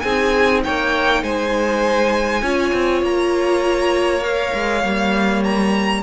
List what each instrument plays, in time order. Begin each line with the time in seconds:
0.00 cello C4, viola D#4, violin G#4 G#5
0.63 cello A#3, violin C#5 G5
1.23 cello G#3, violin C5 G#5
2.42 cello C#4, viola F4, violin C#5
2.73 cello C4
3.02 cello A#3, violin A#5
4.22 viola A#4, violin F5
4.54 cello G#3
4.83 cello G3, viola A#3
5.43 violin A#5